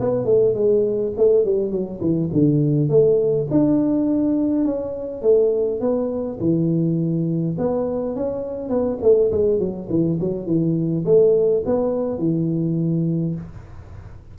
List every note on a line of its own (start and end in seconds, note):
0.00 0.25 B3
0.25 0.54 A3
0.54 1.13 G#3
1.17 1.45 A3
1.45 1.71 G3
1.71 2.00 F#3
2.01 2.30 E3
2.32 2.89 D3
2.89 3.47 A3
3.51 4.65 D4
4.65 5.22 C#4
5.22 5.80 A3
5.80 6.38 B3
6.40 7.56 E3
7.58 8.16 B3
8.16 8.69 C#4
8.69 8.98 B3
9.02 9.31 A3
9.32 9.59 G#3
9.59 9.88 F#3
9.89 10.19 E3
10.20 10.46 F#3
10.46 11.05 E3
11.05 11.64 A3
11.66 12.19 B3
12.19 13.35 E3